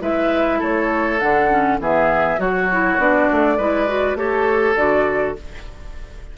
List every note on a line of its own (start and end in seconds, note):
0.00 0.60 G#3
0.00 1.19 E4
0.00 0.58 B4
0.00 0.61 E5
0.58 1.22 A3
0.58 1.77 A4
0.58 1.19 C#5
1.19 1.79 D3
1.19 1.50 D4
1.19 1.78 F#5
1.50 1.79 C#4
1.79 2.38 E3
1.79 2.38 B3
1.79 2.40 G#4
1.79 2.40 E5
2.38 2.98 F#3
2.38 2.67 F#4
2.38 3.57 F#4
2.38 2.99 C#5
2.71 2.99 E4
2.98 3.27 B3
2.98 3.58 D4
2.98 4.17 D5
3.32 3.58 A3
3.57 4.15 G#3
3.57 3.87 E4
3.57 4.17 B4
3.87 4.16 F#4
4.15 4.74 A3
4.15 4.75 G4
4.15 5.37 A4
4.15 4.76 C#5
4.76 5.36 D3
4.76 5.36 F#4
4.76 5.36 D5